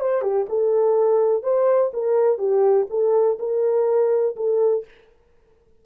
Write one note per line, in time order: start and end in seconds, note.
0.00 0.22 C5
0.22 0.46 G4
0.49 1.43 A4
1.43 1.91 C5
1.93 2.38 A#4
2.38 2.87 G4
2.90 3.38 A4
3.39 4.36 A#4
4.36 4.84 A4